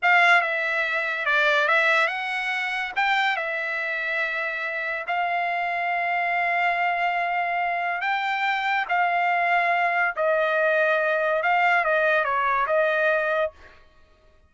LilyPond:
\new Staff \with { instrumentName = "trumpet" } { \time 4/4 \tempo 4 = 142 f''4 e''2 d''4 | e''4 fis''2 g''4 | e''1 | f''1~ |
f''2. g''4~ | g''4 f''2. | dis''2. f''4 | dis''4 cis''4 dis''2 | }